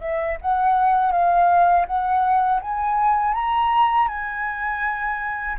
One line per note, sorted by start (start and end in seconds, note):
0.00 0.37 E5
0.41 1.11 F#5
1.11 1.86 F5
1.87 2.61 F#5
2.61 3.34 G#5
3.34 4.08 A#5
4.08 5.56 G#5